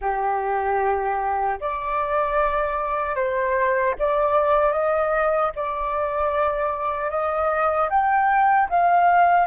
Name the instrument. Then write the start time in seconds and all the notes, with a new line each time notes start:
flute
0.01 G4
1.60 D5
3.15 C5
3.98 D5
4.72 D#5
5.55 D5
7.10 D#5
7.89 G5
8.69 F5